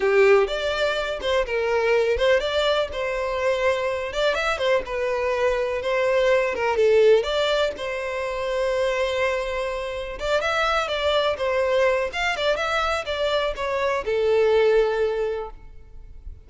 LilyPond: \new Staff \with { instrumentName = "violin" } { \time 4/4 \tempo 4 = 124 g'4 d''4. c''8 ais'4~ | ais'8 c''8 d''4 c''2~ | c''8 d''8 e''8 c''8 b'2 | c''4. ais'8 a'4 d''4 |
c''1~ | c''4 d''8 e''4 d''4 c''8~ | c''4 f''8 d''8 e''4 d''4 | cis''4 a'2. | }